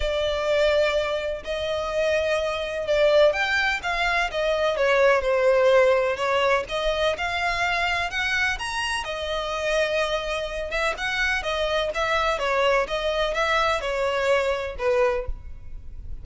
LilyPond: \new Staff \with { instrumentName = "violin" } { \time 4/4 \tempo 4 = 126 d''2. dis''4~ | dis''2 d''4 g''4 | f''4 dis''4 cis''4 c''4~ | c''4 cis''4 dis''4 f''4~ |
f''4 fis''4 ais''4 dis''4~ | dis''2~ dis''8 e''8 fis''4 | dis''4 e''4 cis''4 dis''4 | e''4 cis''2 b'4 | }